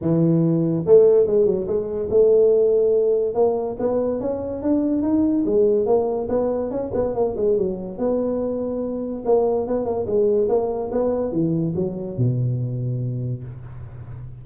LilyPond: \new Staff \with { instrumentName = "tuba" } { \time 4/4 \tempo 4 = 143 e2 a4 gis8 fis8 | gis4 a2. | ais4 b4 cis'4 d'4 | dis'4 gis4 ais4 b4 |
cis'8 b8 ais8 gis8 fis4 b4~ | b2 ais4 b8 ais8 | gis4 ais4 b4 e4 | fis4 b,2. | }